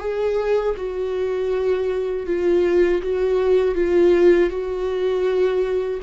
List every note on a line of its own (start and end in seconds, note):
0.00 0.75 G#4
0.77 2.27 F#4
2.27 3.02 F4
3.02 3.75 F#4
3.75 4.50 F4
4.50 6.00 F#4